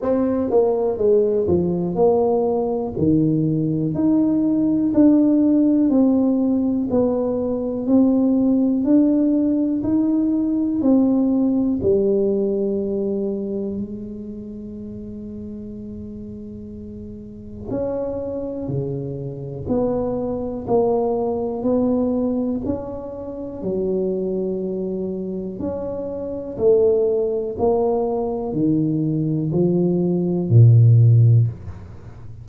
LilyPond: \new Staff \with { instrumentName = "tuba" } { \time 4/4 \tempo 4 = 61 c'8 ais8 gis8 f8 ais4 dis4 | dis'4 d'4 c'4 b4 | c'4 d'4 dis'4 c'4 | g2 gis2~ |
gis2 cis'4 cis4 | b4 ais4 b4 cis'4 | fis2 cis'4 a4 | ais4 dis4 f4 ais,4 | }